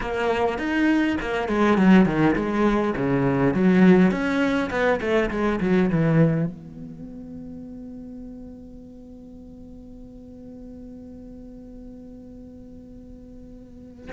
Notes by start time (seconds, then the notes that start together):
0.01 A#3
0.58 D#4
1.20 A#3
1.48 G#3
1.77 F#3
2.05 D#3
2.35 G#3
2.97 C#3
3.54 F#3
4.11 C#4
4.70 B3
5.00 A3
5.30 G#3
5.60 F#3
5.90 E3
6.45 B3